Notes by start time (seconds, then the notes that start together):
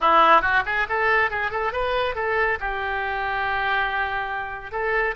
0.00 E4
0.41 F#4
0.65 G#4
0.88 A4
1.30 G#4
1.50 A4
1.72 B4
2.15 A4
2.60 G4
4.71 A4